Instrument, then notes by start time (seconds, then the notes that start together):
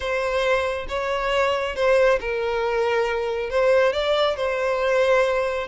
violin
0.00 C5
0.88 C#5
1.75 C5
2.20 A#4
3.50 C5
3.92 D5
4.36 C5